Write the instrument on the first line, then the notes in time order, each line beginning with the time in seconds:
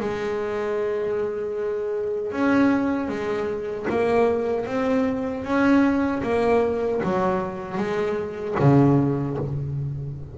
double bass
0.00 G#3
2.32 C#4
3.09 G#3
3.90 A#3
4.66 C4
5.44 C#4
6.23 A#3
7.04 F#3
7.77 G#3
8.60 C#3